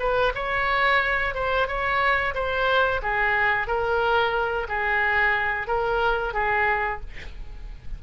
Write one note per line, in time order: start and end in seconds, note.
0.00 0.33 B4
0.35 1.35 C#5
1.35 1.68 C5
1.68 2.35 C#5
2.35 3.01 C5
3.03 3.68 G#4
3.68 4.68 A#4
4.69 5.67 G#4
5.67 6.34 A#4
6.34 7.01 G#4